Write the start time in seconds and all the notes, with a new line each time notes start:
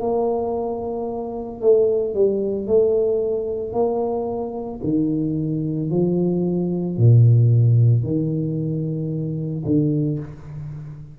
0.00 A#3
1.61 A3
2.14 G3
2.67 A3
3.73 A#3
4.83 D#3
5.90 F3
6.97 A#2
8.04 D#3
9.65 D3